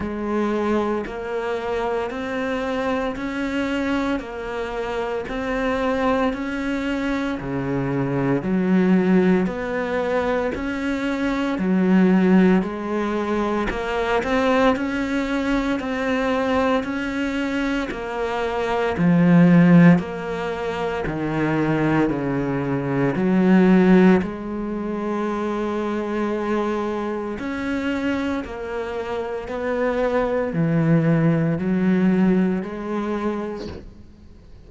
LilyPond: \new Staff \with { instrumentName = "cello" } { \time 4/4 \tempo 4 = 57 gis4 ais4 c'4 cis'4 | ais4 c'4 cis'4 cis4 | fis4 b4 cis'4 fis4 | gis4 ais8 c'8 cis'4 c'4 |
cis'4 ais4 f4 ais4 | dis4 cis4 fis4 gis4~ | gis2 cis'4 ais4 | b4 e4 fis4 gis4 | }